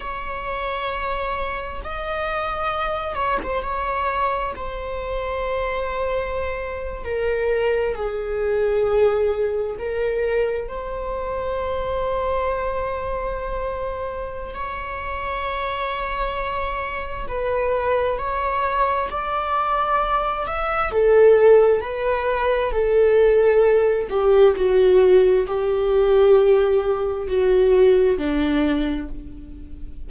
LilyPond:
\new Staff \with { instrumentName = "viola" } { \time 4/4 \tempo 4 = 66 cis''2 dis''4. cis''16 c''16 | cis''4 c''2~ c''8. ais'16~ | ais'8. gis'2 ais'4 c''16~ | c''1 |
cis''2. b'4 | cis''4 d''4. e''8 a'4 | b'4 a'4. g'8 fis'4 | g'2 fis'4 d'4 | }